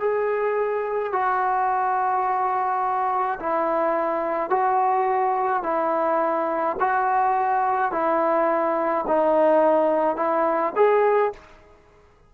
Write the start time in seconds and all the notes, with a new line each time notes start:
0.00 G#4
1.13 F#4
3.40 E4
4.50 F#4
5.63 E4
6.80 F#4
7.92 E4
9.08 D#4
10.16 E4
10.76 G#4